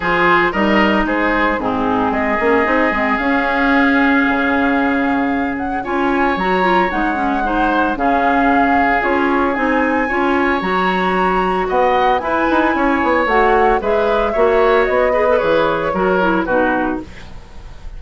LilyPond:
<<
  \new Staff \with { instrumentName = "flute" } { \time 4/4 \tempo 4 = 113 c''4 dis''4 c''4 gis'4 | dis''2 f''2~ | f''2~ f''8 fis''8 gis''4 | ais''4 fis''2 f''4~ |
f''4 cis''4 gis''2 | ais''2 fis''4 gis''4~ | gis''4 fis''4 e''2 | dis''4 cis''2 b'4 | }
  \new Staff \with { instrumentName = "oboe" } { \time 4/4 gis'4 ais'4 gis'4 dis'4 | gis'1~ | gis'2. cis''4~ | cis''2 c''4 gis'4~ |
gis'2. cis''4~ | cis''2 dis''4 b'4 | cis''2 b'4 cis''4~ | cis''8 b'4. ais'4 fis'4 | }
  \new Staff \with { instrumentName = "clarinet" } { \time 4/4 f'4 dis'2 c'4~ | c'8 cis'8 dis'8 c'8 cis'2~ | cis'2. f'4 | fis'8 f'8 dis'8 cis'8 dis'4 cis'4~ |
cis'4 f'4 dis'4 f'4 | fis'2. e'4~ | e'4 fis'4 gis'4 fis'4~ | fis'8 gis'16 a'16 gis'4 fis'8 e'8 dis'4 | }
  \new Staff \with { instrumentName = "bassoon" } { \time 4/4 f4 g4 gis4 gis,4 | gis8 ais8 c'8 gis8 cis'2 | cis2. cis'4 | fis4 gis2 cis4~ |
cis4 cis'4 c'4 cis'4 | fis2 b4 e'8 dis'8 | cis'8 b8 a4 gis4 ais4 | b4 e4 fis4 b,4 | }
>>